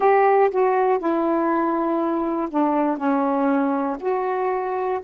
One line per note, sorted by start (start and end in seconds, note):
0.00 0.50 G4
0.50 0.98 F#4
0.98 2.48 E4
2.50 2.97 D4
2.97 3.97 C#4
4.00 5.00 F#4